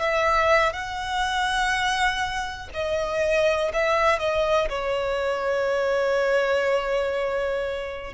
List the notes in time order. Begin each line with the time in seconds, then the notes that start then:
0.00 E5
0.73 F#5
2.74 D#5
3.74 E5
4.19 D#5
4.69 C#5